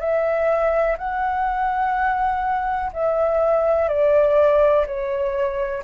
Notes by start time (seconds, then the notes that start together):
0.00 E5
0.98 F#5
2.93 E5
3.89 D5
4.87 C#5